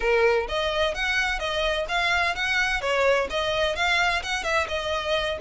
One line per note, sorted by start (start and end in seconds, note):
0.00 0.47 A#4
0.48 0.94 D#5
0.94 1.39 F#5
1.39 1.86 D#5
1.88 2.35 F5
2.35 2.81 F#5
2.81 3.27 C#5
3.29 3.75 D#5
3.75 4.22 F5
4.23 4.43 F#5
4.43 4.67 E5
4.67 5.38 D#5